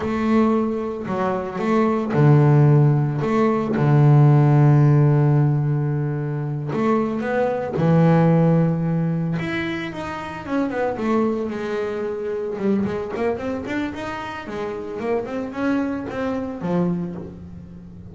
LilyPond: \new Staff \with { instrumentName = "double bass" } { \time 4/4 \tempo 4 = 112 a2 fis4 a4 | d2 a4 d4~ | d1~ | d8 a4 b4 e4.~ |
e4. e'4 dis'4 cis'8 | b8 a4 gis2 g8 | gis8 ais8 c'8 d'8 dis'4 gis4 | ais8 c'8 cis'4 c'4 f4 | }